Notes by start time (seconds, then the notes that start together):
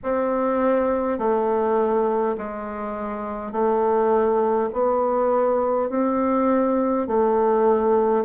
0.03 C4
1.18 A3
2.37 G#3
3.51 A3
4.72 B3
5.89 C4
7.07 A3